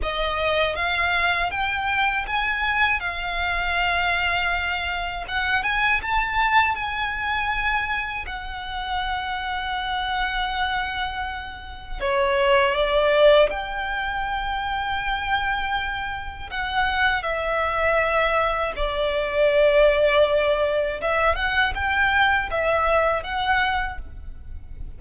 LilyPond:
\new Staff \with { instrumentName = "violin" } { \time 4/4 \tempo 4 = 80 dis''4 f''4 g''4 gis''4 | f''2. fis''8 gis''8 | a''4 gis''2 fis''4~ | fis''1 |
cis''4 d''4 g''2~ | g''2 fis''4 e''4~ | e''4 d''2. | e''8 fis''8 g''4 e''4 fis''4 | }